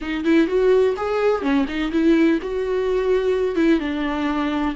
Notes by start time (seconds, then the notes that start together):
0.01 D#4
0.24 E4
0.47 F#4
0.97 G#4
1.42 C#4
1.68 D#4
1.91 E4
2.42 F#4
3.55 E4
3.79 D4